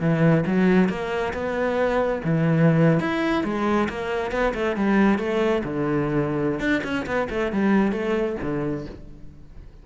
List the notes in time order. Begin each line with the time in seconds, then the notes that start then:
0.00 E3
0.46 F#3
0.89 A#3
1.33 B3
2.24 E3
3.00 E4
3.44 G#3
3.89 A#3
4.31 B3
4.54 A3
4.76 G3
5.18 A3
5.64 D3
6.60 D4
6.84 C#4
7.06 B3
7.30 A3
7.52 G3
7.92 A3
8.42 D3